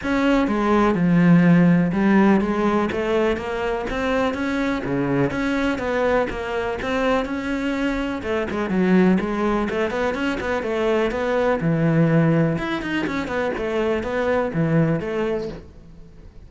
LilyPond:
\new Staff \with { instrumentName = "cello" } { \time 4/4 \tempo 4 = 124 cis'4 gis4 f2 | g4 gis4 a4 ais4 | c'4 cis'4 cis4 cis'4 | b4 ais4 c'4 cis'4~ |
cis'4 a8 gis8 fis4 gis4 | a8 b8 cis'8 b8 a4 b4 | e2 e'8 dis'8 cis'8 b8 | a4 b4 e4 a4 | }